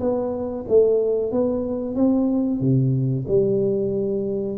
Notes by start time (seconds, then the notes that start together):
0.00 B3
0.68 A3
1.31 B3
1.95 C4
2.60 C3
3.27 G3